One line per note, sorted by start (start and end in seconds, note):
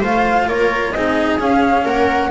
0.00 0.47 A3
0.00 0.94 F4
0.00 0.45 C5
0.00 0.49 F5
0.47 0.93 A#3
0.47 0.94 A#4
0.47 0.92 C#5
0.92 1.38 C4
0.92 1.39 D#4
0.92 1.85 G#4
0.92 1.37 D#5
1.38 1.84 C#4
1.38 2.30 C#4
1.38 1.86 F5
1.85 2.30 A#3
1.85 2.30 A#4
1.85 2.30 F#5